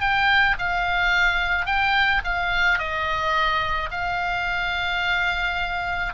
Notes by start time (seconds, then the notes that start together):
0.00 G5
0.59 F5
1.66 G5
2.24 F5
2.78 D#5
3.91 F5